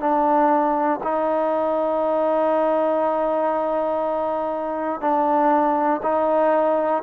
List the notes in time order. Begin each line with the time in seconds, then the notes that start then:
0.00 D4
1.03 D#4
5.00 D4
6.02 D#4